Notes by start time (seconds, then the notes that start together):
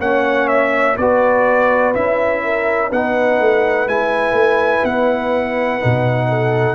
0.00 A#3 C#4 C#5 F#5
0.48 E5
0.98 B3 F#4 B4 D5
1.94 C#4 E4 E5
2.45 A#4
2.90 B3 D#4 B4 F#5
3.40 A3
3.88 G#3 E4 G#5
4.33 A3
4.84 B3 F#5
5.81 B2 D#4
6.29 A4